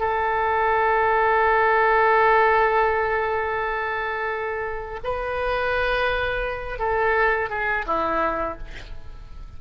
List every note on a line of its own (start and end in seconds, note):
0.00 5.00 A4
5.04 6.79 B4
6.79 7.50 A4
7.50 7.85 G#4
7.87 8.58 E4